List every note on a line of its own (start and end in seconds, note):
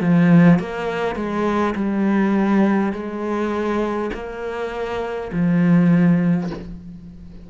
0.00 0.59 F3
0.59 1.16 A#3
1.16 1.74 G#3
1.75 2.93 G3
2.93 4.11 G#3
4.13 5.31 A#3
5.33 6.50 F3